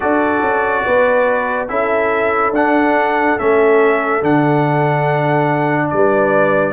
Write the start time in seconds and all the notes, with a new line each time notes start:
0.00 D4 F#4 A4 D5
0.41 C#4
0.84 B3 B4
1.68 C#4 E4 A4 E5
2.51 D4 F#5
3.38 A3 C#4 E5
4.21 D3 D4 F#5
5.89 G3 D5
5.95 B4